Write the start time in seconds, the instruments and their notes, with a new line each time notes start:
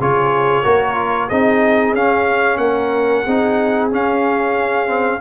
0.00 tuba C#3, trombone F4, horn G#4, trumpet C#5
0.63 tuba A#3, trombone F#4, horn A#4
0.95 trombone F4
1.28 tuba C4, trombone D#4, horn G#4, trumpet D#5
1.94 tuba C#4, trombone C#4, trumpet F5
2.57 tuba A#3, horn A#4, trumpet F#5
3.25 tuba C4, trombone D#4, horn G#4
3.91 trombone C#4, tuba C#4, trumpet F5
4.87 trombone C4